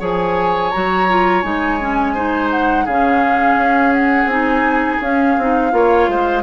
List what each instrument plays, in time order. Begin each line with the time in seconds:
0.00 bassoon F3, clarinet G#4, oboe C#5, flute G#5
0.72 bassoon F#3, clarinet F#4, flute A#5
1.09 clarinet F4
1.42 bassoon G#3, clarinet D#4, flute G#5
1.81 clarinet C#4
2.14 clarinet D#4, oboe C5
2.51 flute F#5
2.85 bassoon C#3, clarinet C#4, oboe G#4, flute F5
3.57 bassoon C#4
3.93 flute F#5
4.26 bassoon C4, clarinet D#4, flute G#5
5.01 bassoon C#4, clarinet C#4, flute F5
5.38 bassoon C4, clarinet D#4
5.72 bassoon A#3, clarinet F4, oboe C#5
6.08 bassoon G#3, oboe C5